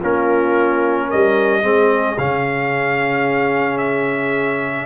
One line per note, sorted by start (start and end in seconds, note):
0.00 1.12 A#3
0.00 1.63 C#4
0.00 1.07 F4
0.00 1.11 A#4
1.07 1.61 A#4
1.07 2.19 D#5
1.14 1.63 G3
1.63 2.17 G#3
1.63 2.17 C4
1.63 4.86 G#4
2.18 4.86 C#3
2.18 4.86 C#4
2.18 3.78 F5
3.78 4.86 E5